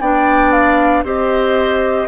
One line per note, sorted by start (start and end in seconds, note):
0.00 1.03 B3
0.00 1.04 D4
0.00 1.04 D5
0.00 0.51 G5
0.51 1.03 F5
1.03 2.06 C4
1.03 2.08 G4
1.03 2.08 C5
1.03 2.08 D#5